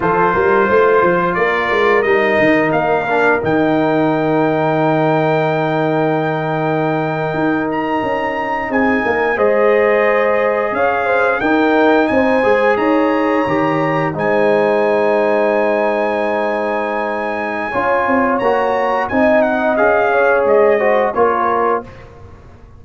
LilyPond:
<<
  \new Staff \with { instrumentName = "trumpet" } { \time 4/4 \tempo 4 = 88 c''2 d''4 dis''4 | f''4 g''2.~ | g''2.~ g''16 ais''8.~ | ais''8. gis''4 dis''2 f''16~ |
f''8. g''4 gis''4 ais''4~ ais''16~ | ais''8. gis''2.~ gis''16~ | gis''2. ais''4 | gis''8 fis''8 f''4 dis''4 cis''4 | }
  \new Staff \with { instrumentName = "horn" } { \time 4/4 a'8 ais'8 c''4 ais'2~ | ais'1~ | ais'1~ | ais'8. gis'8 ais'8 c''2 cis''16~ |
cis''16 c''8 ais'4 c''4 cis''4~ cis''16~ | cis''8. c''2.~ c''16~ | c''2 cis''2 | dis''4. cis''4 c''8 ais'4 | }
  \new Staff \with { instrumentName = "trombone" } { \time 4/4 f'2. dis'4~ | dis'8 d'8 dis'2.~ | dis'1~ | dis'4.~ dis'16 gis'2~ gis'16~ |
gis'8. dis'4. gis'4. g'16~ | g'8. dis'2.~ dis'16~ | dis'2 f'4 fis'4 | dis'4 gis'4. fis'8 f'4 | }
  \new Staff \with { instrumentName = "tuba" } { \time 4/4 f8 g8 a8 f8 ais8 gis8 g8 dis8 | ais4 dis2.~ | dis2~ dis8. dis'4 cis'16~ | cis'8. c'8 ais8 gis2 cis'16~ |
cis'8. dis'4 c'8 gis8 dis'4 dis16~ | dis8. gis2.~ gis16~ | gis2 cis'8 c'8 ais4 | c'4 cis'4 gis4 ais4 | }
>>